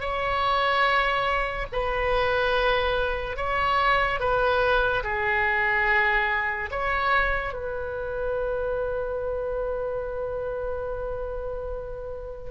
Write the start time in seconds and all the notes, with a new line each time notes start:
0.00 C#5
1.72 B4
3.37 C#5
4.20 B4
5.03 G#4
6.71 C#5
7.53 B4